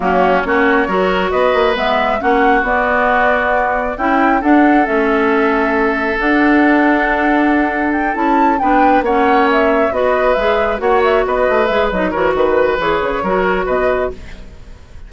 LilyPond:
<<
  \new Staff \with { instrumentName = "flute" } { \time 4/4 \tempo 4 = 136 fis'4 cis''2 dis''4 | e''4 fis''4 d''2~ | d''4 g''4 fis''4 e''4~ | e''2 fis''2~ |
fis''2 g''8 a''4 g''8~ | g''8 fis''4 e''4 dis''4 e''8~ | e''8 fis''8 e''8 dis''4 e''8 dis''8 cis''8 | b'4 cis''2 dis''4 | }
  \new Staff \with { instrumentName = "oboe" } { \time 4/4 cis'4 fis'4 ais'4 b'4~ | b'4 fis'2.~ | fis'4 e'4 a'2~ | a'1~ |
a'2.~ a'8 b'8~ | b'8 cis''2 b'4.~ | b'8 cis''4 b'2 ais'8 | b'2 ais'4 b'4 | }
  \new Staff \with { instrumentName = "clarinet" } { \time 4/4 ais4 cis'4 fis'2 | b4 cis'4 b2~ | b4 e'4 d'4 cis'4~ | cis'2 d'2~ |
d'2~ d'8 e'4 d'8~ | d'8 cis'2 fis'4 gis'8~ | gis'8 fis'2 gis'8 dis'8 fis'8~ | fis'4 gis'4 fis'2 | }
  \new Staff \with { instrumentName = "bassoon" } { \time 4/4 fis4 ais4 fis4 b8 ais8 | gis4 ais4 b2~ | b4 cis'4 d'4 a4~ | a2 d'2~ |
d'2~ d'8 cis'4 b8~ | b8 ais2 b4 gis8~ | gis8 ais4 b8 a8 gis8 fis8 e8 | dis4 e8 cis8 fis4 b,4 | }
>>